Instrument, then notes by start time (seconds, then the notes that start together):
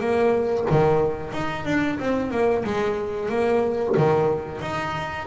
double bass
0.00 A#3
0.71 D#3
1.33 D#4
1.65 D4
1.99 C4
2.31 A#3
2.65 G#3
3.29 A#3
3.97 D#3
4.61 D#4